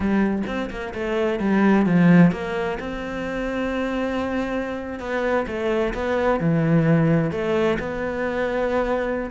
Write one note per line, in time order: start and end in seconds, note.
0.00 0.42 G3
0.47 0.70 C4
0.70 0.93 A#3
0.94 1.39 A3
1.39 1.86 G3
1.86 2.31 F3
2.31 2.78 A#3
2.79 4.99 C4
4.99 5.45 B3
5.47 5.93 A3
5.94 6.40 B3
6.40 7.31 E3
7.31 7.77 A3
7.79 9.30 B3